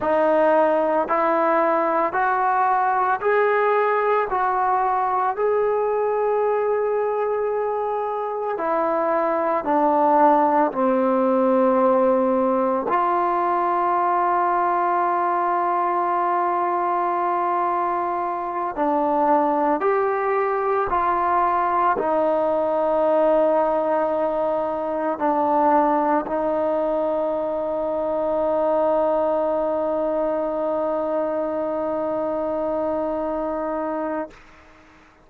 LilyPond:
\new Staff \with { instrumentName = "trombone" } { \time 4/4 \tempo 4 = 56 dis'4 e'4 fis'4 gis'4 | fis'4 gis'2. | e'4 d'4 c'2 | f'1~ |
f'4. d'4 g'4 f'8~ | f'8 dis'2. d'8~ | d'8 dis'2.~ dis'8~ | dis'1 | }